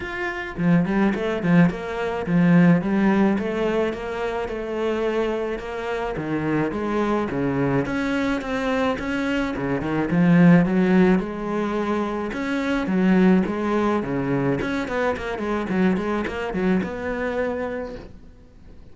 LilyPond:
\new Staff \with { instrumentName = "cello" } { \time 4/4 \tempo 4 = 107 f'4 f8 g8 a8 f8 ais4 | f4 g4 a4 ais4 | a2 ais4 dis4 | gis4 cis4 cis'4 c'4 |
cis'4 cis8 dis8 f4 fis4 | gis2 cis'4 fis4 | gis4 cis4 cis'8 b8 ais8 gis8 | fis8 gis8 ais8 fis8 b2 | }